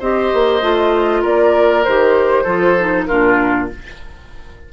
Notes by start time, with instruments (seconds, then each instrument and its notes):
0.00 bassoon C4, clarinet G4, oboe C5, flute D#5
0.34 bassoon A#3
0.62 bassoon A3, clarinet F4
1.22 bassoon A#3, oboe A#4, flute D5
1.85 bassoon D#3, clarinet G4, flute C5
2.44 bassoon F3, clarinet F4, oboe A4
2.80 clarinet D#4
3.05 clarinet D4, oboe F4, flute A#4
3.12 bassoon A#2